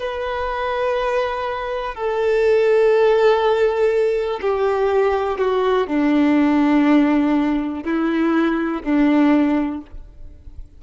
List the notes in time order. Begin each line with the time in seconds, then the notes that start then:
0.00 B4
1.95 A4
4.42 G4
5.39 F#4
5.87 D4
7.85 E4
8.83 D4